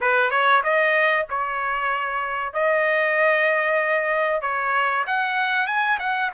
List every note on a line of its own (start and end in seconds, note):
0.01 0.30 B4
0.30 0.61 C#5
0.63 1.26 D#5
1.29 2.53 C#5
2.53 4.41 D#5
4.41 5.04 C#5
5.06 5.66 F#5
5.66 5.98 G#5
5.99 6.30 F#5